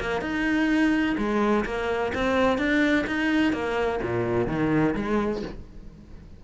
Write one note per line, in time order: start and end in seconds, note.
0.00 0.21 A#3
0.21 1.16 D#4
1.17 1.65 G#3
1.65 2.12 A#3
2.14 2.58 C4
2.58 3.05 D4
3.07 3.52 D#4
3.52 4.00 A#3
4.02 4.47 A#2
4.47 4.94 D#3
4.95 5.42 G#3